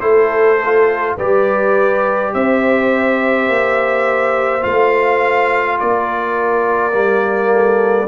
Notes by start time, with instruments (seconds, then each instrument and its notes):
0.00 tuba A3, trombone E4, horn A4, trumpet C5
0.64 trombone F4
1.17 tuba G3, trombone G4, horn B4, trumpet D5
2.34 tuba C4, horn C5, trumpet E5
3.48 tuba A#3
4.62 tuba A3, trombone F4, trumpet F5
5.80 tuba A#3, horn A#4, trumpet D5
6.92 tuba G3, trombone A#3
7.52 horn A4